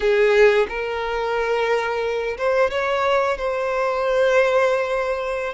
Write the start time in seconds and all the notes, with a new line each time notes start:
0.00 G#4
0.68 A#4
2.37 C5
2.70 C#5
3.37 C5